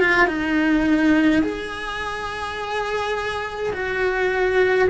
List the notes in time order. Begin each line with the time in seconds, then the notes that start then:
0.00 F4
0.27 D#4
1.42 G#4
3.73 F#4